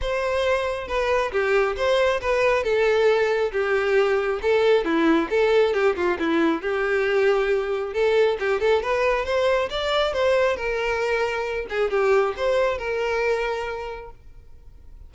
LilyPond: \new Staff \with { instrumentName = "violin" } { \time 4/4 \tempo 4 = 136 c''2 b'4 g'4 | c''4 b'4 a'2 | g'2 a'4 e'4 | a'4 g'8 f'8 e'4 g'4~ |
g'2 a'4 g'8 a'8 | b'4 c''4 d''4 c''4 | ais'2~ ais'8 gis'8 g'4 | c''4 ais'2. | }